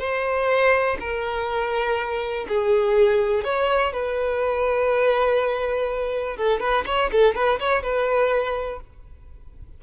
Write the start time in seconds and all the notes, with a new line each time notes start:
0.00 C5
1.00 A#4
2.49 G#4
3.44 C#5
3.93 B4
6.37 A4
6.60 B4
6.86 C#5
7.12 A4
7.35 B4
7.60 C#5
7.83 B4